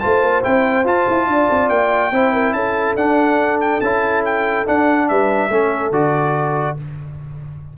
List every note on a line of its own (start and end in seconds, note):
0.00 0.23 A3
0.00 0.43 F4
0.00 1.28 C5
0.00 0.42 A5
0.23 0.44 A#3
0.43 0.85 C4
0.43 0.85 E4
0.43 0.86 G5
0.85 1.06 F4
0.85 2.12 F4
0.85 1.69 A5
1.09 1.27 E4
1.27 1.48 D4
1.27 2.13 D5
1.50 1.70 C4
1.69 2.12 A#3
1.69 2.53 G5
2.12 2.53 C4
2.12 2.98 E4
2.12 2.33 C5
2.33 2.54 A#4
2.53 2.96 C#4
2.53 5.09 A4
2.53 2.96 A5
2.96 3.80 D4
2.96 3.82 D4
2.96 3.60 F#5
3.61 3.81 G5
3.81 4.66 C#4
3.81 4.66 E4
3.81 4.23 A5
4.25 4.68 G5
4.66 5.51 D4
4.66 5.11 D4
4.66 5.09 F#5
5.09 5.50 G3
5.09 5.51 B4
5.09 5.93 E5
5.50 5.91 A3
5.50 5.93 C#4
5.50 6.77 A4
5.91 6.76 D3
5.91 6.77 F#4
5.91 6.78 D5